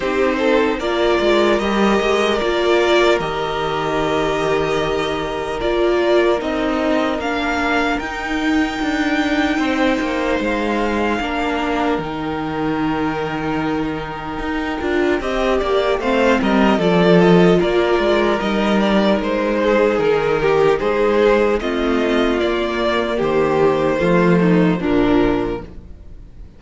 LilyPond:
<<
  \new Staff \with { instrumentName = "violin" } { \time 4/4 \tempo 4 = 75 c''4 d''4 dis''4 d''4 | dis''2. d''4 | dis''4 f''4 g''2~ | g''4 f''2 g''4~ |
g''1 | f''8 dis''8 d''8 dis''8 d''4 dis''8 d''8 | c''4 ais'4 c''4 dis''4 | d''4 c''2 ais'4 | }
  \new Staff \with { instrumentName = "violin" } { \time 4/4 g'8 a'8 ais'2.~ | ais'1~ | ais'1 | c''2 ais'2~ |
ais'2. dis''8 d''8 | c''8 ais'8 a'4 ais'2~ | ais'8 gis'4 g'8 gis'4 f'4~ | f'4 g'4 f'8 dis'8 d'4 | }
  \new Staff \with { instrumentName = "viola" } { \time 4/4 dis'4 f'4 g'4 f'4 | g'2. f'4 | dis'4 d'4 dis'2~ | dis'2 d'4 dis'4~ |
dis'2~ dis'8 f'8 g'4 | c'4 f'2 dis'4~ | dis'2. c'4 | ais2 a4 f4 | }
  \new Staff \with { instrumentName = "cello" } { \time 4/4 c'4 ais8 gis8 g8 gis8 ais4 | dis2. ais4 | c'4 ais4 dis'4 d'4 | c'8 ais8 gis4 ais4 dis4~ |
dis2 dis'8 d'8 c'8 ais8 | a8 g8 f4 ais8 gis8 g4 | gis4 dis4 gis4 a4 | ais4 dis4 f4 ais,4 | }
>>